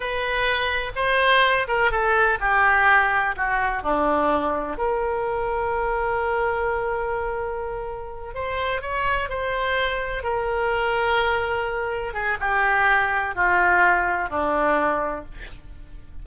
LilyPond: \new Staff \with { instrumentName = "oboe" } { \time 4/4 \tempo 4 = 126 b'2 c''4. ais'8 | a'4 g'2 fis'4 | d'2 ais'2~ | ais'1~ |
ais'4. c''4 cis''4 c''8~ | c''4. ais'2~ ais'8~ | ais'4. gis'8 g'2 | f'2 d'2 | }